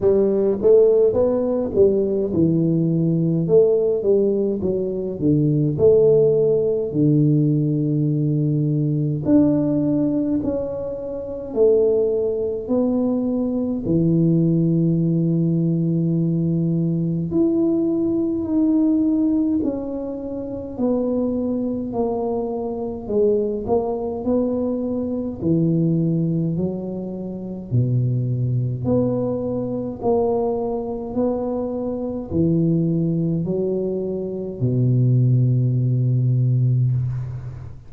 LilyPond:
\new Staff \with { instrumentName = "tuba" } { \time 4/4 \tempo 4 = 52 g8 a8 b8 g8 e4 a8 g8 | fis8 d8 a4 d2 | d'4 cis'4 a4 b4 | e2. e'4 |
dis'4 cis'4 b4 ais4 | gis8 ais8 b4 e4 fis4 | b,4 b4 ais4 b4 | e4 fis4 b,2 | }